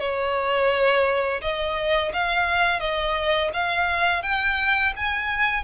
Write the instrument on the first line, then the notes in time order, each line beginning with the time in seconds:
violin
0.00 C#5
1.42 D#5
2.13 F5
2.80 D#5
3.54 F5
4.23 G5
4.97 G#5